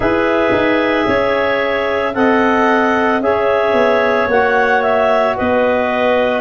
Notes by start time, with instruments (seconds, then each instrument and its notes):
0.00 tuba E4, trombone G#4, clarinet B4 E5
0.52 tuba D#4
1.06 tuba C#4, clarinet C#5
2.14 tuba C4, trombone A4, clarinet D#5 F#5
3.20 tuba C#4, trombone G#4, clarinet C#5 E5
3.73 tuba B3
4.27 tuba A#3, trombone F#4, clarinet F#5
4.82 clarinet E5
5.36 tuba B3, clarinet B4 D#5